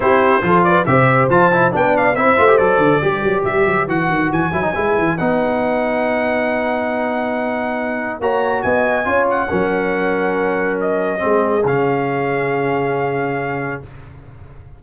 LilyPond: <<
  \new Staff \with { instrumentName = "trumpet" } { \time 4/4 \tempo 4 = 139 c''4. d''8 e''4 a''4 | g''8 f''8 e''4 d''2 | e''4 fis''4 gis''2 | fis''1~ |
fis''2. ais''4 | gis''4. fis''2~ fis''8~ | fis''4 dis''2 f''4~ | f''1 | }
  \new Staff \with { instrumentName = "horn" } { \time 4/4 g'4 a'8 b'8 c''2 | d''4 c''2 b'4~ | b'1~ | b'1~ |
b'2. cis''4 | dis''4 cis''4 ais'2~ | ais'2 gis'2~ | gis'1 | }
  \new Staff \with { instrumentName = "trombone" } { \time 4/4 e'4 f'4 g'4 f'8 e'8 | d'4 e'8 f'16 g'16 a'4 g'4~ | g'4 fis'4. e'16 dis'16 e'4 | dis'1~ |
dis'2. fis'4~ | fis'4 f'4 cis'2~ | cis'2 c'4 cis'4~ | cis'1 | }
  \new Staff \with { instrumentName = "tuba" } { \time 4/4 c'4 f4 c4 f4 | b4 c'8 a8 fis8 d8 g8 fis8 | g8 fis8 e8 dis8 e8 fis8 gis8 e8 | b1~ |
b2. ais4 | b4 cis'4 fis2~ | fis2 gis4 cis4~ | cis1 | }
>>